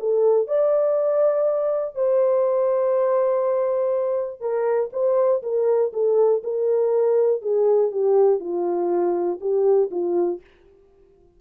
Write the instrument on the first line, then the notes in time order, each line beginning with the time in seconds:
horn
0.00 A4
0.47 D5
1.95 C5
4.40 A#4
4.92 C5
5.43 A#4
5.93 A4
6.43 A#4
7.42 G#4
7.92 G4
8.40 F4
9.41 G4
9.91 F4